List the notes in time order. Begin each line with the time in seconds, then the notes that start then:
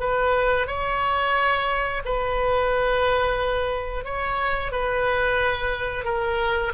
0.00 B4
0.67 C#5
2.05 B4
4.04 C#5
4.72 B4
6.05 A#4